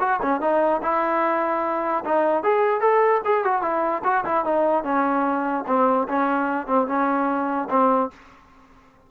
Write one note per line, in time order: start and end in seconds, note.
0.00 0.20 F#4
0.22 0.41 C#4
0.41 0.81 D#4
0.83 2.04 E4
2.05 2.44 D#4
2.44 2.81 G#4
2.81 3.21 A4
3.25 3.45 G#4
3.45 3.62 F#4
3.62 4.03 E4
4.04 4.25 F#4
4.25 4.45 E4
4.45 4.84 D#4
4.84 5.65 C#4
5.67 6.08 C4
6.08 6.67 C#4
6.67 6.87 C4
6.88 7.69 C#4
7.70 8.11 C4